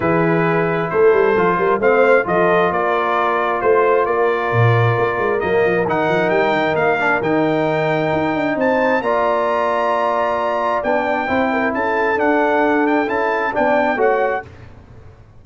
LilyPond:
<<
  \new Staff \with { instrumentName = "trumpet" } { \time 4/4 \tempo 4 = 133 b'2 c''2 | f''4 dis''4 d''2 | c''4 d''2. | dis''4 fis''4 g''4 f''4 |
g''2. a''4 | ais''1 | g''2 a''4 fis''4~ | fis''8 g''8 a''4 g''4 fis''4 | }
  \new Staff \with { instrumentName = "horn" } { \time 4/4 gis'2 a'4. ais'8 | c''4 a'4 ais'2 | c''4 ais'2.~ | ais'1~ |
ais'2. c''4 | d''1~ | d''4 c''8 ais'8 a'2~ | a'2 d''4 cis''4 | }
  \new Staff \with { instrumentName = "trombone" } { \time 4/4 e'2. f'4 | c'4 f'2.~ | f'1 | ais4 dis'2~ dis'8 d'8 |
dis'1 | f'1 | d'4 e'2 d'4~ | d'4 e'4 d'4 fis'4 | }
  \new Staff \with { instrumentName = "tuba" } { \time 4/4 e2 a8 g8 f8 g8 | a4 f4 ais2 | a4 ais4 ais,4 ais8 gis8 | fis8 f8 dis8 f8 g8 dis8 ais4 |
dis2 dis'8 d'8 c'4 | ais1 | b4 c'4 cis'4 d'4~ | d'4 cis'4 b4 a4 | }
>>